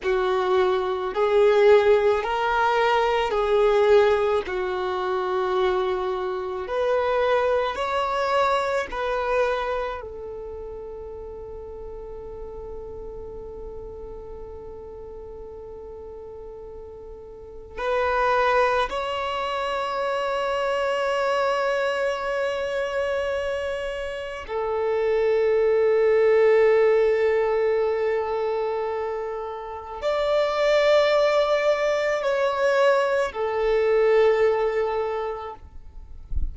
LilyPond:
\new Staff \with { instrumentName = "violin" } { \time 4/4 \tempo 4 = 54 fis'4 gis'4 ais'4 gis'4 | fis'2 b'4 cis''4 | b'4 a'2.~ | a'1 |
b'4 cis''2.~ | cis''2 a'2~ | a'2. d''4~ | d''4 cis''4 a'2 | }